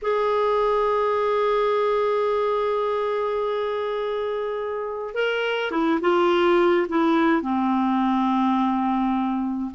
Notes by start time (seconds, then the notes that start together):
0.02 G#4
5.14 A#4
5.71 E4
6.01 F4
6.88 E4
7.42 C4